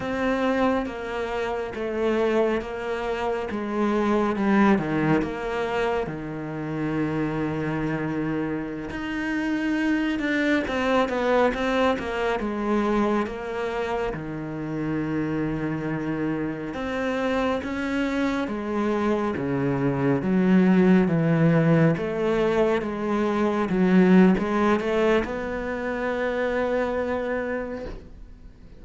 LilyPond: \new Staff \with { instrumentName = "cello" } { \time 4/4 \tempo 4 = 69 c'4 ais4 a4 ais4 | gis4 g8 dis8 ais4 dis4~ | dis2~ dis16 dis'4. d'16~ | d'16 c'8 b8 c'8 ais8 gis4 ais8.~ |
ais16 dis2. c'8.~ | c'16 cis'4 gis4 cis4 fis8.~ | fis16 e4 a4 gis4 fis8. | gis8 a8 b2. | }